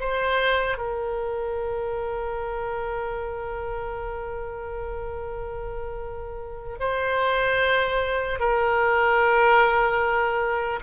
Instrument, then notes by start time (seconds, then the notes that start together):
oboe
0.00 C5
0.78 A#4
6.79 C5
8.40 A#4